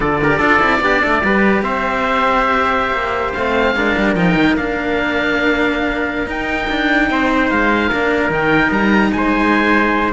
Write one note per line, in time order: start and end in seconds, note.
0.00 0.39 D3
0.00 0.19 F4
0.00 0.20 A4
0.00 1.62 D5
0.22 0.40 G4
0.22 0.38 A#4
0.38 0.59 D4
0.38 0.59 F4
0.38 0.79 A4
0.59 0.81 C4
0.59 0.80 E4
0.80 1.01 B3
0.80 1.21 D4
0.80 1.01 G4
1.01 1.23 A3
1.01 1.21 A4
1.23 1.62 G3
1.23 3.36 G4
1.23 1.63 B4
1.62 2.92 C4
1.62 3.76 C5
1.62 3.32 E5
2.92 3.32 A#3
3.32 3.75 A3
3.32 3.76 C4
3.32 4.13 F5
3.75 3.95 G#3
3.75 4.16 D4
3.75 7.10 A#4
3.97 4.15 G3
4.15 4.34 F3
4.15 4.57 D#4
4.15 4.55 G5
4.34 4.55 D#3
4.55 6.26 A#3
4.55 6.27 D4
4.55 6.29 F5
6.26 6.66 D#4
6.26 7.89 D#4
6.26 7.50 G5
6.69 7.10 D4
7.10 7.50 C4
7.10 7.89 C5
7.50 7.91 G#3
7.50 8.31 F5
7.89 8.29 A#3
7.89 8.30 D4
7.89 9.10 A#4
8.29 8.70 D#3
8.29 10.12 D#4
8.29 8.72 G5
8.71 9.11 G3
8.71 9.12 A#5
9.12 10.12 G#3
9.12 10.12 C5
9.12 10.12 G#5